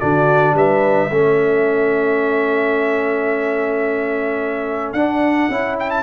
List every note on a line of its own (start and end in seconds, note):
0.00 0.54 D3
0.00 1.10 D4
0.00 0.56 F#4
0.00 0.55 D5
0.54 1.09 G3
0.54 1.11 B4
0.54 4.93 E5
1.10 4.93 A3
1.10 4.96 C#4
1.10 6.03 A4
4.93 5.48 D4
4.93 5.51 D4
4.93 5.76 F#5
5.50 6.03 C#4
5.50 6.03 E4
5.80 5.90 G5
5.90 6.03 A5